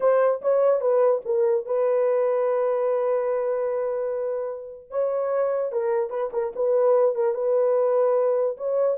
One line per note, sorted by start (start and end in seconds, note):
0.00 0.41 C5
0.41 0.81 C#5
0.81 1.21 B4
1.25 1.65 A#4
1.65 4.90 B4
4.90 5.72 C#5
5.72 6.10 A#4
6.10 6.30 B4
6.32 6.53 A#4
6.55 7.15 B4
7.15 7.34 A#4
7.34 8.56 B4
8.57 8.97 C#5